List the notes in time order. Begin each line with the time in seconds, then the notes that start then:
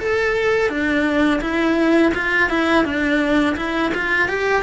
0.00 A4
0.69 D4
1.42 E4
2.15 F4
2.50 E4
2.85 D4
3.57 E4
3.95 F4
4.29 G4